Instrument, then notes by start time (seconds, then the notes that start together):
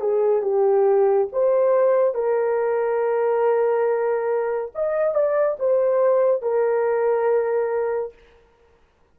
horn
0.00 G#4
0.42 G4
1.32 C5
2.14 A#4
4.75 D#5
5.14 D5
5.59 C5
6.42 A#4